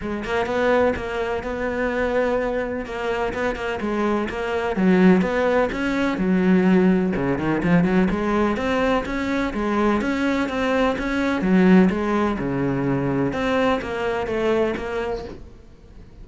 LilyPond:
\new Staff \with { instrumentName = "cello" } { \time 4/4 \tempo 4 = 126 gis8 ais8 b4 ais4 b4~ | b2 ais4 b8 ais8 | gis4 ais4 fis4 b4 | cis'4 fis2 cis8 dis8 |
f8 fis8 gis4 c'4 cis'4 | gis4 cis'4 c'4 cis'4 | fis4 gis4 cis2 | c'4 ais4 a4 ais4 | }